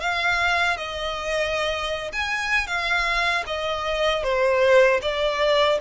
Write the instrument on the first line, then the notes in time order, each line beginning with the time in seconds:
violin
0.00 F5
0.77 D#5
2.12 G#5
2.67 F5
3.47 D#5
4.23 C5
5.01 D5